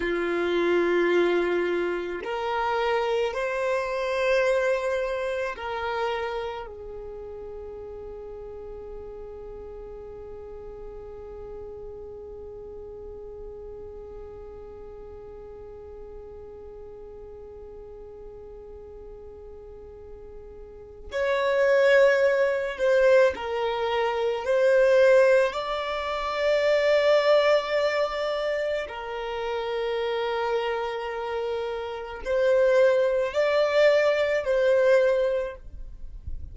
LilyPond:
\new Staff \with { instrumentName = "violin" } { \time 4/4 \tempo 4 = 54 f'2 ais'4 c''4~ | c''4 ais'4 gis'2~ | gis'1~ | gis'1~ |
gis'2. cis''4~ | cis''8 c''8 ais'4 c''4 d''4~ | d''2 ais'2~ | ais'4 c''4 d''4 c''4 | }